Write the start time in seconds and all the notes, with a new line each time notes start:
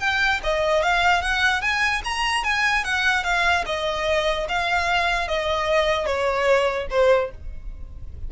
0.00 G5
0.44 D#5
0.83 F5
1.22 F#5
1.62 G#5
2.04 A#5
2.44 G#5
2.85 F#5
3.24 F5
3.66 D#5
4.49 F5
5.28 D#5
6.06 C#5
6.90 C5